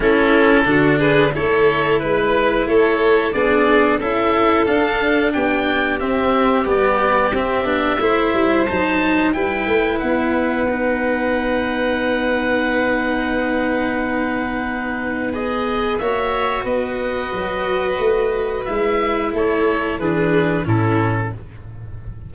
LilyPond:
<<
  \new Staff \with { instrumentName = "oboe" } { \time 4/4 \tempo 4 = 90 a'4. b'8 cis''4 b'4 | cis''4 d''4 e''4 f''4 | g''4 e''4 d''4 e''4~ | e''4 a''4 g''4 fis''4~ |
fis''1~ | fis''2. dis''4 | e''4 dis''2. | e''4 cis''4 b'4 a'4 | }
  \new Staff \with { instrumentName = "violin" } { \time 4/4 e'4 fis'8 gis'8 a'4 b'4 | a'4 gis'4 a'2 | g'1 | c''2 b'2~ |
b'1~ | b'1 | cis''4 b'2.~ | b'4 a'4 gis'4 e'4 | }
  \new Staff \with { instrumentName = "cello" } { \time 4/4 cis'4 d'4 e'2~ | e'4 d'4 e'4 d'4~ | d'4 c'4 b4 c'8 d'8 | e'4 dis'4 e'2 |
dis'1~ | dis'2. gis'4 | fis'1 | e'2 d'4 cis'4 | }
  \new Staff \with { instrumentName = "tuba" } { \time 4/4 a4 d4 a4 gis4 | a4 b4 cis'4 d'4 | b4 c'4 g4 c'8 b8 | a8 g8 fis4 g8 a8 b4~ |
b1~ | b1 | ais4 b4 fis4 a4 | gis4 a4 e4 a,4 | }
>>